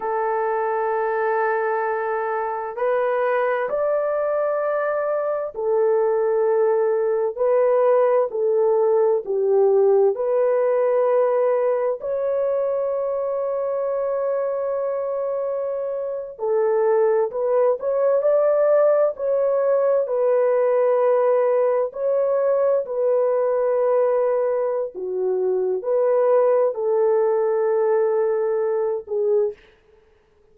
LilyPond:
\new Staff \with { instrumentName = "horn" } { \time 4/4 \tempo 4 = 65 a'2. b'4 | d''2 a'2 | b'4 a'4 g'4 b'4~ | b'4 cis''2.~ |
cis''4.~ cis''16 a'4 b'8 cis''8 d''16~ | d''8. cis''4 b'2 cis''16~ | cis''8. b'2~ b'16 fis'4 | b'4 a'2~ a'8 gis'8 | }